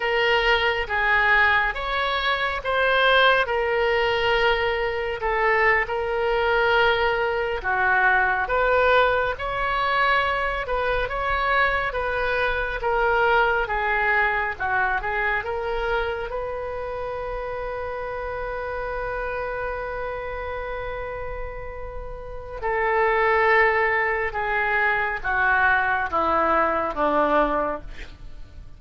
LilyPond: \new Staff \with { instrumentName = "oboe" } { \time 4/4 \tempo 4 = 69 ais'4 gis'4 cis''4 c''4 | ais'2 a'8. ais'4~ ais'16~ | ais'8. fis'4 b'4 cis''4~ cis''16~ | cis''16 b'8 cis''4 b'4 ais'4 gis'16~ |
gis'8. fis'8 gis'8 ais'4 b'4~ b'16~ | b'1~ | b'2 a'2 | gis'4 fis'4 e'4 d'4 | }